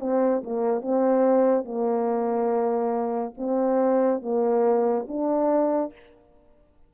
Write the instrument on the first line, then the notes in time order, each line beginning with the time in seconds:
horn
0.00 C4
0.43 A#3
0.81 C4
1.65 A#3
3.37 C4
4.22 A#3
5.08 D4